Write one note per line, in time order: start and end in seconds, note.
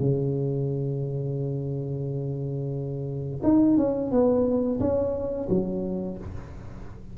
0.00 3.41 C#3
3.43 3.77 D#4
3.77 4.11 C#4
4.11 4.79 B3
4.80 5.48 C#4
5.49 6.17 F#3